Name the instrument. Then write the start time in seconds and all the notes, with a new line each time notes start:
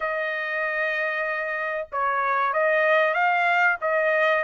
trumpet
0.00 D#5
1.91 C#5
2.53 D#5
3.13 F5
3.81 D#5